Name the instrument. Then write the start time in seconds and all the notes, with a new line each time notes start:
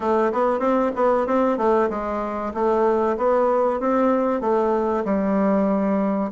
bassoon
0.00 A3
0.32 B3
0.59 C4
0.95 B3
1.27 C4
1.57 A3
1.89 G#3
2.53 A3
3.17 B3
3.80 C4
4.40 A3
5.04 G3